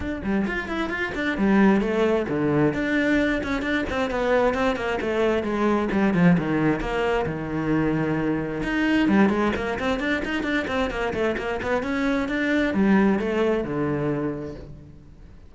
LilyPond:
\new Staff \with { instrumentName = "cello" } { \time 4/4 \tempo 4 = 132 d'8 g8 f'8 e'8 f'8 d'8 g4 | a4 d4 d'4. cis'8 | d'8 c'8 b4 c'8 ais8 a4 | gis4 g8 f8 dis4 ais4 |
dis2. dis'4 | g8 gis8 ais8 c'8 d'8 dis'8 d'8 c'8 | ais8 a8 ais8 b8 cis'4 d'4 | g4 a4 d2 | }